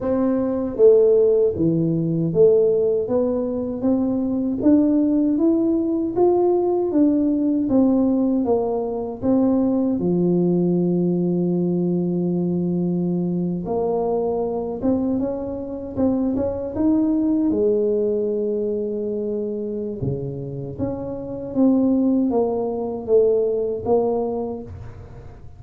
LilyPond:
\new Staff \with { instrumentName = "tuba" } { \time 4/4 \tempo 4 = 78 c'4 a4 e4 a4 | b4 c'4 d'4 e'4 | f'4 d'4 c'4 ais4 | c'4 f2.~ |
f4.~ f16 ais4. c'8 cis'16~ | cis'8. c'8 cis'8 dis'4 gis4~ gis16~ | gis2 cis4 cis'4 | c'4 ais4 a4 ais4 | }